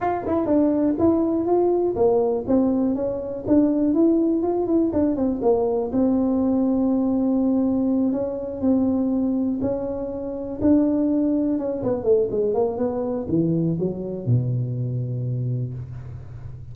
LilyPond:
\new Staff \with { instrumentName = "tuba" } { \time 4/4 \tempo 4 = 122 f'8 e'8 d'4 e'4 f'4 | ais4 c'4 cis'4 d'4 | e'4 f'8 e'8 d'8 c'8 ais4 | c'1~ |
c'8 cis'4 c'2 cis'8~ | cis'4. d'2 cis'8 | b8 a8 gis8 ais8 b4 e4 | fis4 b,2. | }